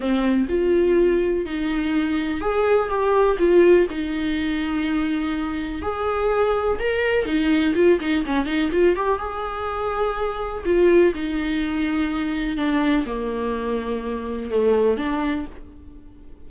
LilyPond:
\new Staff \with { instrumentName = "viola" } { \time 4/4 \tempo 4 = 124 c'4 f'2 dis'4~ | dis'4 gis'4 g'4 f'4 | dis'1 | gis'2 ais'4 dis'4 |
f'8 dis'8 cis'8 dis'8 f'8 g'8 gis'4~ | gis'2 f'4 dis'4~ | dis'2 d'4 ais4~ | ais2 a4 d'4 | }